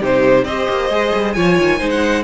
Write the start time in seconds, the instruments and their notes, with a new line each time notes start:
0.00 cello C3, viola D#4, violin G4 C5
0.45 cello C4, viola G4, violin C5 D#5
0.69 cello A#3
0.90 cello G#3, viola G#4
1.15 cello G3
1.33 cello F3, viola F4, violin C#5 G#5
1.58 cello D#3
1.79 cello G#3, viola D#4, violin C5
1.90 violin F#5